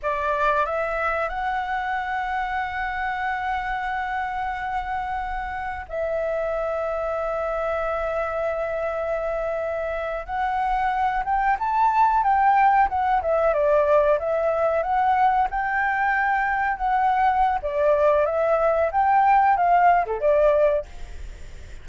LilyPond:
\new Staff \with { instrumentName = "flute" } { \time 4/4 \tempo 4 = 92 d''4 e''4 fis''2~ | fis''1~ | fis''4 e''2.~ | e''2.~ e''8. fis''16~ |
fis''4~ fis''16 g''8 a''4 g''4 fis''16~ | fis''16 e''8 d''4 e''4 fis''4 g''16~ | g''4.~ g''16 fis''4~ fis''16 d''4 | e''4 g''4 f''8. a'16 d''4 | }